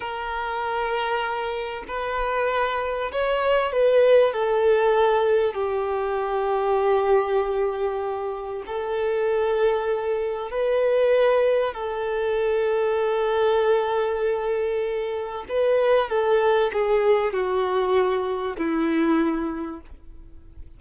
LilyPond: \new Staff \with { instrumentName = "violin" } { \time 4/4 \tempo 4 = 97 ais'2. b'4~ | b'4 cis''4 b'4 a'4~ | a'4 g'2.~ | g'2 a'2~ |
a'4 b'2 a'4~ | a'1~ | a'4 b'4 a'4 gis'4 | fis'2 e'2 | }